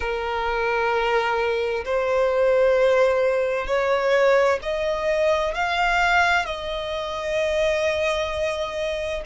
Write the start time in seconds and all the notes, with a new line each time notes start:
0.00 A#4
1.84 C5
3.66 C#5
4.62 D#5
5.54 F5
6.45 D#5